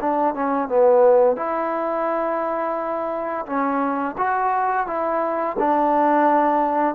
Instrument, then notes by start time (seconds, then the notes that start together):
trombone
0.00 D4
0.34 C#4
0.68 B3
1.36 E4
3.45 C#4
4.17 F#4
4.86 E4
5.58 D4